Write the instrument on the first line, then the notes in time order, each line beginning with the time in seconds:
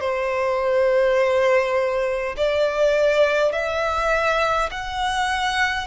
violin
0.00 C5
2.37 D5
3.52 E5
4.71 F#5